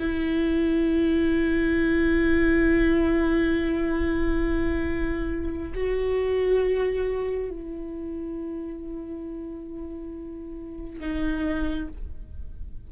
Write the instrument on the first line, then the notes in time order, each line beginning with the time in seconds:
viola
0.00 E4
5.74 F#4
7.50 E4
11.00 D#4